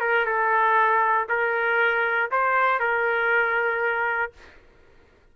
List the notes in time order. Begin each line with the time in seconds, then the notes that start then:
0.00 A#4
0.25 A4
1.28 A#4
2.31 C5
2.79 A#4